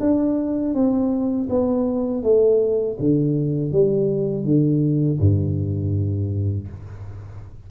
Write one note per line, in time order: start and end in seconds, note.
0.00 0.74 D4
0.74 1.48 C4
1.49 2.23 B3
2.23 2.97 A3
2.99 3.72 D3
3.72 4.44 G3
4.44 5.19 D3
5.20 6.68 G2